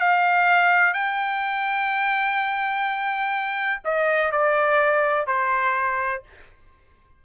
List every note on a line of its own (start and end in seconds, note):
0.00 0.94 F5
0.94 3.82 G5
3.85 4.32 D#5
4.32 5.27 D5
5.27 6.23 C5